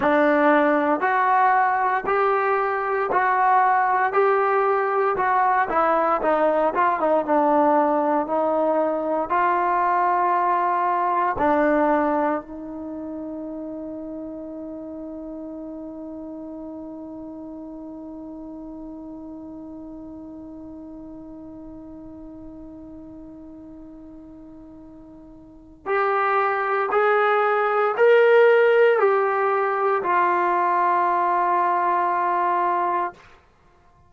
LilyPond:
\new Staff \with { instrumentName = "trombone" } { \time 4/4 \tempo 4 = 58 d'4 fis'4 g'4 fis'4 | g'4 fis'8 e'8 dis'8 f'16 dis'16 d'4 | dis'4 f'2 d'4 | dis'1~ |
dis'1~ | dis'1~ | dis'4 g'4 gis'4 ais'4 | g'4 f'2. | }